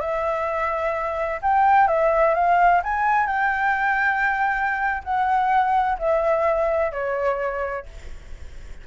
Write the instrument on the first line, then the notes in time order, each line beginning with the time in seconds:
flute
0.00 E5
1.42 G5
1.88 E5
2.35 F5
2.84 G#5
3.27 G5
5.04 F#5
5.99 E5
6.92 C#5